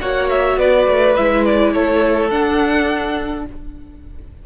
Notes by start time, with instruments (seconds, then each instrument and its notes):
0.00 cello A#3, viola F#4, violin C#5 F#5
0.29 violin E5
0.57 cello B3, violin B4 D5
0.87 cello A3
1.16 cello G#3, viola E4, violin E5
1.45 violin D5
1.72 cello A3, violin A4 C#5
2.30 cello D4, viola D4, violin F#5